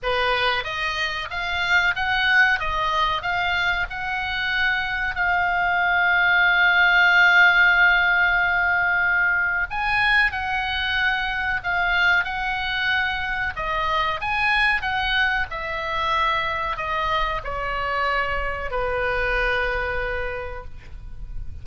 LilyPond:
\new Staff \with { instrumentName = "oboe" } { \time 4/4 \tempo 4 = 93 b'4 dis''4 f''4 fis''4 | dis''4 f''4 fis''2 | f''1~ | f''2. gis''4 |
fis''2 f''4 fis''4~ | fis''4 dis''4 gis''4 fis''4 | e''2 dis''4 cis''4~ | cis''4 b'2. | }